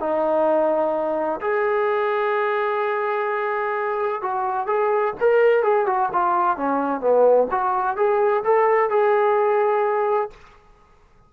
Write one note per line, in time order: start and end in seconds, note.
0.00 1.41 D#4
1.41 4.22 G#4
4.22 4.67 F#4
4.67 5.14 G#4
5.21 5.63 A#4
5.63 5.86 G#4
5.86 6.10 F#4
6.13 6.58 F4
6.58 7.01 C#4
7.01 7.48 B3
7.51 7.97 F#4
7.97 8.44 G#4
8.44 8.90 A4
8.90 10.31 G#4